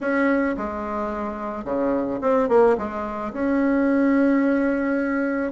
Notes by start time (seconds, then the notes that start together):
0.00 C#4
0.57 G#3
1.64 C#3
2.21 C4
2.48 A#3
2.77 G#3
3.32 C#4